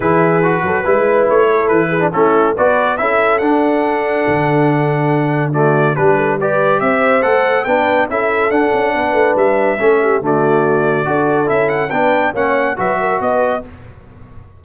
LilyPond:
<<
  \new Staff \with { instrumentName = "trumpet" } { \time 4/4 \tempo 4 = 141 b'2. cis''4 | b'4 a'4 d''4 e''4 | fis''1~ | fis''4 d''4 b'4 d''4 |
e''4 fis''4 g''4 e''4 | fis''2 e''2 | d''2. e''8 fis''8 | g''4 fis''4 e''4 dis''4 | }
  \new Staff \with { instrumentName = "horn" } { \time 4/4 gis'4. a'8 b'4. a'8~ | a'8 gis'8 e'4 b'4 a'4~ | a'1~ | a'4 fis'4 g'8 a'8 b'4 |
c''2 b'4 a'4~ | a'4 b'2 a'8 g'8 | fis'2 a'2 | b'4 cis''4 b'8 ais'8 b'4 | }
  \new Staff \with { instrumentName = "trombone" } { \time 4/4 e'4 fis'4 e'2~ | e'8. d'16 cis'4 fis'4 e'4 | d'1~ | d'4 a4 d'4 g'4~ |
g'4 a'4 d'4 e'4 | d'2. cis'4 | a2 fis'4 e'4 | d'4 cis'4 fis'2 | }
  \new Staff \with { instrumentName = "tuba" } { \time 4/4 e4. fis8 gis4 a4 | e4 a4 b4 cis'4 | d'2 d2~ | d2 g2 |
c'4 a4 b4 cis'4 | d'8 cis'8 b8 a8 g4 a4 | d2 d'4 cis'4 | b4 ais4 fis4 b4 | }
>>